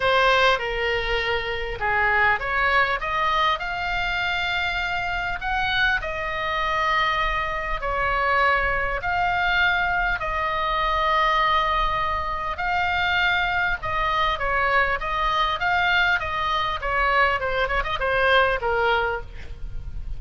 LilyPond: \new Staff \with { instrumentName = "oboe" } { \time 4/4 \tempo 4 = 100 c''4 ais'2 gis'4 | cis''4 dis''4 f''2~ | f''4 fis''4 dis''2~ | dis''4 cis''2 f''4~ |
f''4 dis''2.~ | dis''4 f''2 dis''4 | cis''4 dis''4 f''4 dis''4 | cis''4 c''8 cis''16 dis''16 c''4 ais'4 | }